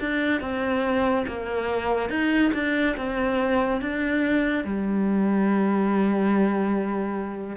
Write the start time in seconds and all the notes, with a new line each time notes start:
0.00 D4
0.41 C4
1.28 A#3
2.10 D#4
2.54 D4
2.97 C4
3.81 D4
4.64 G3